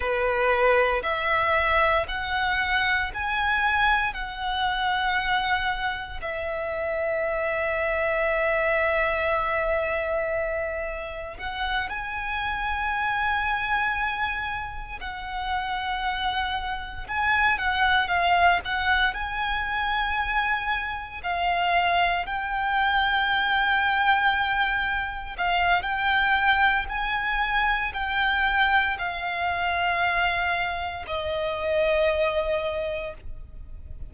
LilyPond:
\new Staff \with { instrumentName = "violin" } { \time 4/4 \tempo 4 = 58 b'4 e''4 fis''4 gis''4 | fis''2 e''2~ | e''2. fis''8 gis''8~ | gis''2~ gis''8 fis''4.~ |
fis''8 gis''8 fis''8 f''8 fis''8 gis''4.~ | gis''8 f''4 g''2~ g''8~ | g''8 f''8 g''4 gis''4 g''4 | f''2 dis''2 | }